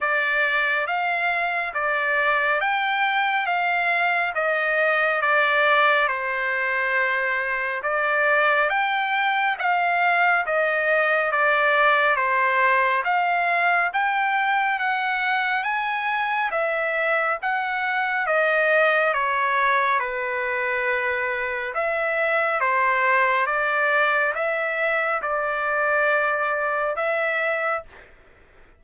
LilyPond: \new Staff \with { instrumentName = "trumpet" } { \time 4/4 \tempo 4 = 69 d''4 f''4 d''4 g''4 | f''4 dis''4 d''4 c''4~ | c''4 d''4 g''4 f''4 | dis''4 d''4 c''4 f''4 |
g''4 fis''4 gis''4 e''4 | fis''4 dis''4 cis''4 b'4~ | b'4 e''4 c''4 d''4 | e''4 d''2 e''4 | }